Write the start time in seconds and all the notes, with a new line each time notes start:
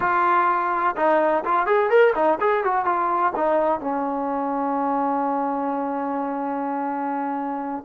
0.00 F4
0.96 D#4
1.44 F4
1.66 G#4
1.90 A#4
2.15 D#4
2.40 G#4
2.63 F#4
2.85 F4
3.35 D#4
3.80 C#4